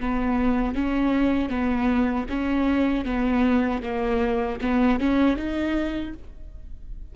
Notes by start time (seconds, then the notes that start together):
0.00 B3
0.75 C#4
1.49 B3
2.29 C#4
3.05 B3
3.82 A#3
4.61 B3
4.99 C#4
5.36 D#4